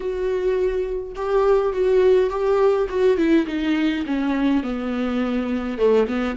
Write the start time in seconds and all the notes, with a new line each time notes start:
0.00 F#4
1.15 G4
1.73 F#4
2.29 G4
2.89 F#4
3.17 E4
3.46 D#4
4.05 C#4
4.63 B3
5.77 A3
6.07 B3